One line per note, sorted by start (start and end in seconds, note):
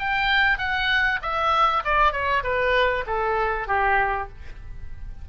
0.00 0.59 G5
0.59 1.20 F#5
1.23 1.84 E5
1.85 2.13 D5
2.13 2.44 C#5
2.44 3.05 B4
3.07 3.68 A4
3.68 4.29 G4